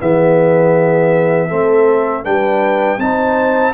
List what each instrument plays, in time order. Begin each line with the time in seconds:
0.00 tuba E3, trombone B3, horn G#4, trumpet E5
1.48 tuba A3, trombone C4, horn A4
2.23 tuba G3, trombone D4, horn B4, trumpet G5
2.98 tuba C4, trombone D#4, horn C5, trumpet A5